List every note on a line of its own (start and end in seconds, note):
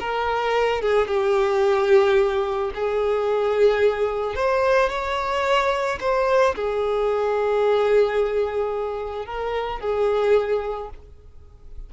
0.00 0.82 A#4
0.82 1.08 G#4
1.08 2.71 G4
2.75 4.36 G#4
4.36 4.90 C5
4.90 5.99 C#5
6.00 6.55 C5
6.56 9.26 G#4
9.26 9.81 A#4
9.81 10.90 G#4